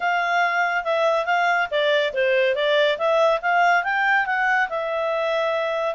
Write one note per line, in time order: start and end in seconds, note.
0.00 0.83 F5
0.83 1.25 E5
1.25 1.68 F5
1.70 2.13 D5
2.13 2.55 C5
2.55 2.97 D5
2.98 3.40 E5
3.41 3.83 F5
3.83 4.26 G5
4.26 4.68 F#5
4.69 5.95 E5